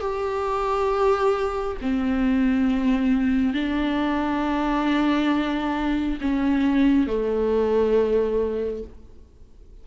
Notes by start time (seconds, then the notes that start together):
0.00 G4
1.81 C4
3.54 D4
6.21 C#4
7.07 A3